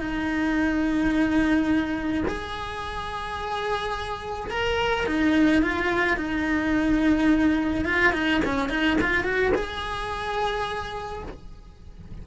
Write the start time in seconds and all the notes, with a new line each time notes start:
0.00 D#4
2.28 G#4
4.51 A#4
5.07 D#4
5.63 F4
6.17 D#4
7.86 F4
8.13 D#4
8.45 C#4
8.70 D#4
9.02 F4
9.24 F#4
9.55 G#4